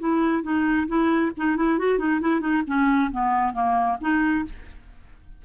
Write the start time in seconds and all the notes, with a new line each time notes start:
0.00 E4
0.43 D#4
0.88 E4
1.37 D#4
1.57 E4
1.79 F#4
1.99 D#4
2.21 E4
2.40 D#4
2.67 C#4
3.12 B3
3.53 A#3
4.01 D#4